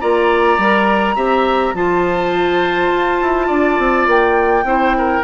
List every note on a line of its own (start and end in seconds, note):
0.00 0.58 A#3
0.00 0.58 F4
0.00 1.15 D5
0.00 1.75 A#5
0.58 1.16 G3
0.58 1.16 A#4
1.15 1.74 C4
1.15 1.74 G4
1.15 1.73 E5
1.74 2.90 F3
1.74 4.65 F4
1.74 3.47 C5
1.74 4.08 A5
2.92 3.21 F4
3.21 3.49 E4
3.47 3.78 D4
3.47 4.63 D5
3.78 4.06 C4
4.06 4.63 A#3
4.06 5.24 G5
4.63 5.22 C4
4.63 5.23 E4
4.63 4.96 C5
4.97 5.24 A#4